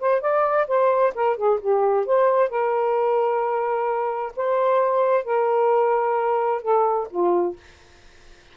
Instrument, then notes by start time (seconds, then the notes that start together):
saxophone
0.00 C5
0.21 D5
0.68 C5
1.15 A#4
1.37 G#4
1.61 G4
2.06 C5
2.49 A#4
4.36 C5
5.25 A#4
6.62 A4
7.11 F4